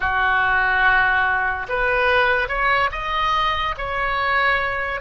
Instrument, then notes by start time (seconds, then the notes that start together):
oboe
0.00 F#4
1.69 B4
2.48 C#5
2.91 D#5
3.77 C#5